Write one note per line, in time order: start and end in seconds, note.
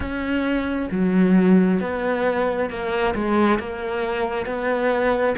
0.00 0.88 C#4
0.91 1.80 F#3
1.80 2.69 B3
2.69 3.14 A#3
3.14 3.59 G#3
3.59 4.45 A#3
4.45 5.35 B3